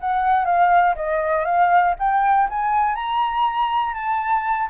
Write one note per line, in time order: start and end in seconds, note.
0.00 0.45 F#5
0.45 0.95 F5
0.95 1.45 D#5
1.45 1.95 F5
1.99 2.49 G5
2.49 2.95 G#5
2.95 3.94 A#5
3.94 4.69 A5